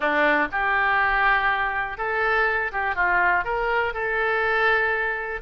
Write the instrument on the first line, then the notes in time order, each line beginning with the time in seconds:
oboe
0.00 D4
0.51 G4
1.97 A4
2.72 G4
2.95 F4
3.44 A#4
3.93 A4